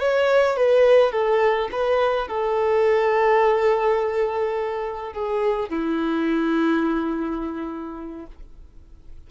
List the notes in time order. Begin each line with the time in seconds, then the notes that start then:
0.00 C#5
0.57 B4
1.12 A4
1.72 B4
2.28 A4
5.13 G#4
5.70 E4